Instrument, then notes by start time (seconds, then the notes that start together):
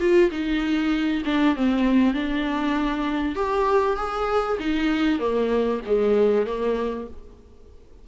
viola
0.00 F4
0.31 D#4
1.26 D4
1.56 C4
2.14 D4
3.36 G4
3.97 G#4
4.60 D#4
5.20 A#3
5.86 G#3
6.46 A#3